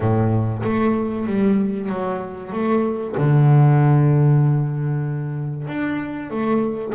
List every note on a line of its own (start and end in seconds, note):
0.00 0.62 A2
0.63 1.26 A3
1.26 1.89 G3
1.89 2.52 F#3
2.52 3.15 A3
3.17 5.67 D3
5.67 6.30 D4
6.30 6.93 A3